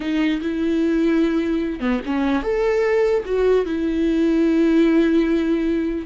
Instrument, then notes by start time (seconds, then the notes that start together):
viola
0.00 D#4
0.41 E4
1.80 B3
2.05 C#4
2.42 A4
3.25 F#4
3.65 E4